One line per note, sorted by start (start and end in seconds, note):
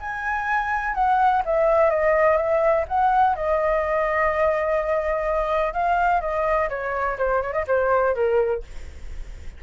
0.00 0.94 G#5
0.94 1.42 F#5
1.46 1.90 E5
1.90 2.37 D#5
2.37 2.85 E5
2.88 3.36 F#5
3.36 5.73 D#5
5.73 6.21 F5
6.21 6.69 D#5
6.69 7.17 C#5
7.18 7.42 C5
7.42 7.53 C#5
7.53 7.65 D#5
7.67 8.15 C5
8.15 8.63 A#4